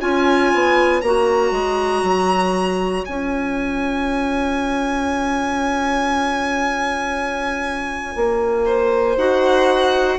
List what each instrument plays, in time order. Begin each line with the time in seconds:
0.00 bassoon C#4, clarinet F4, violin C#5 G#5
0.54 bassoon B3
1.01 bassoon A#3, clarinet F#4, violin A#5
1.51 bassoon G#3
2.03 bassoon F#3
3.06 bassoon C#4, clarinet F4, violin G#5
8.16 bassoon A#3
8.65 violin C5
9.17 bassoon D#4, clarinet F#4, violin F#5